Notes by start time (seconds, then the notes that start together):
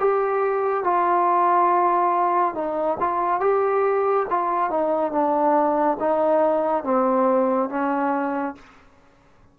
0.00 G4
0.85 F4
2.55 D#4
3.00 F4
3.41 G4
4.30 F4
4.71 D#4
5.12 D4
6.00 D#4
6.85 C4
7.70 C#4